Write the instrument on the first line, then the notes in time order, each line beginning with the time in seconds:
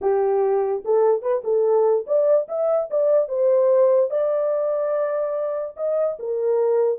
horn
0.01 G4
0.85 A4
1.21 B4
1.43 A4
2.06 D5
2.48 E5
2.90 D5
3.28 C5
4.10 D5
5.76 D#5
6.19 A#4